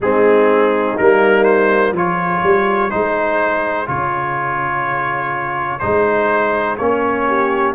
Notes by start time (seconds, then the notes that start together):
0.00 G#3 C4 D#4 G#4
0.97 G3 A#3 A#4
1.44 C5
1.92 F3 F4 G#4 C#5
2.43 G3
2.90 G#3 D#4 C5
3.85 C#3 F4 C#5
5.79 G#3 D#4 C5
6.77 A#3 C#4 C#5
7.27 G4